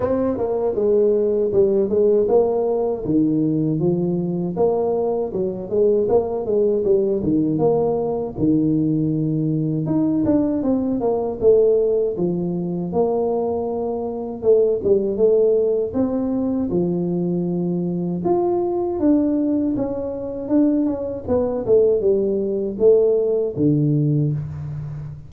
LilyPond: \new Staff \with { instrumentName = "tuba" } { \time 4/4 \tempo 4 = 79 c'8 ais8 gis4 g8 gis8 ais4 | dis4 f4 ais4 fis8 gis8 | ais8 gis8 g8 dis8 ais4 dis4~ | dis4 dis'8 d'8 c'8 ais8 a4 |
f4 ais2 a8 g8 | a4 c'4 f2 | f'4 d'4 cis'4 d'8 cis'8 | b8 a8 g4 a4 d4 | }